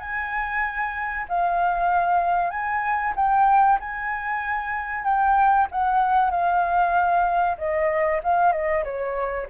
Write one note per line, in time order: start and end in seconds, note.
0.00 1.26 G#5
1.29 2.50 F5
2.50 3.13 G#5
3.16 3.79 G5
3.80 5.04 G#5
5.04 5.68 G5
5.71 6.31 F#5
6.31 7.57 F5
7.58 8.21 D#5
8.24 8.52 F5
8.52 8.84 D#5
8.84 9.47 C#5